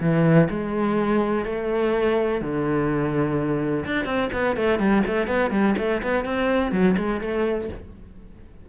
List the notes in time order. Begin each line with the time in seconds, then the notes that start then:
0.00 E3
0.49 G#3
1.45 A3
2.41 D3
3.85 D4
4.05 C4
4.32 B3
4.56 A3
4.79 G3
5.06 A3
5.27 B3
5.50 G3
5.77 A3
6.02 B3
6.24 C4
6.71 F#3
6.97 G#3
7.20 A3